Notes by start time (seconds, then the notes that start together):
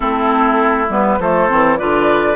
0.00 A3 C4 E4 A4
0.89 G3 B3 B4
1.18 F3 A3 A4 C5
1.48 E3 C4
1.77 D3 F4 B4 D5